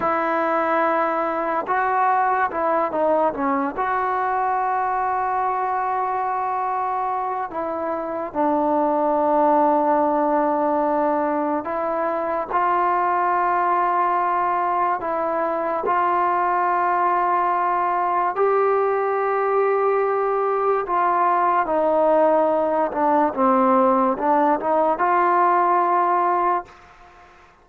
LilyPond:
\new Staff \with { instrumentName = "trombone" } { \time 4/4 \tempo 4 = 72 e'2 fis'4 e'8 dis'8 | cis'8 fis'2.~ fis'8~ | fis'4 e'4 d'2~ | d'2 e'4 f'4~ |
f'2 e'4 f'4~ | f'2 g'2~ | g'4 f'4 dis'4. d'8 | c'4 d'8 dis'8 f'2 | }